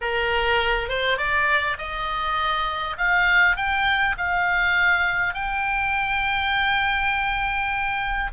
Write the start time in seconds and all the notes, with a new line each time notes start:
0.01 A#4
0.88 C5
1.17 D5
1.77 D#5
2.97 F5
3.56 G5
4.17 F5
5.33 G5